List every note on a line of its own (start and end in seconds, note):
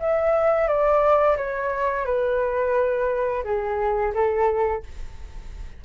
0.00 0.68 E5
0.68 1.37 D5
1.38 2.06 C#5
2.06 3.44 B4
3.45 4.13 G#4
4.15 4.84 A4